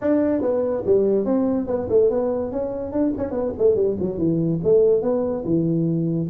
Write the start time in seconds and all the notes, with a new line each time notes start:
0.01 D4
0.41 B3
0.85 G3
1.25 C4
1.66 B3
1.89 A3
2.10 B3
2.51 C#4
2.91 D4
3.17 C#4
3.31 B3
3.58 A3
3.75 G3
4.00 F#3
4.18 E3
4.63 A3
5.02 B3
5.44 E3